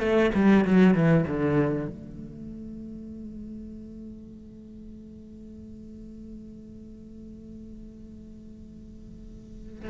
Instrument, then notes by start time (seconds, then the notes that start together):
cello
0.00 A3
0.35 G3
0.65 F#3
0.94 E3
1.28 D3
1.89 A3